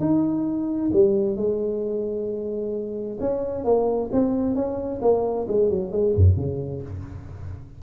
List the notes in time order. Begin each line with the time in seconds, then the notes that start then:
0.00 D#4
0.93 G3
1.36 G#3
3.20 C#4
3.65 A#3
4.12 C4
4.56 C#4
5.01 A#3
5.48 G#3
5.70 F#3
5.92 G#3
6.15 F#2
6.37 C#3